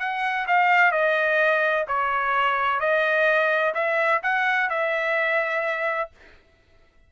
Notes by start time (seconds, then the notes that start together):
0.00 F#5
0.48 F5
0.92 D#5
1.88 C#5
2.80 D#5
3.75 E5
4.23 F#5
4.70 E5